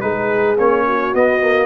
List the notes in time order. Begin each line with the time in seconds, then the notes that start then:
0.00 G#3 D#4 G#4 B4
0.58 A#3 C#4 C#5
0.86 F#4
1.14 B3 D#5
1.40 A#3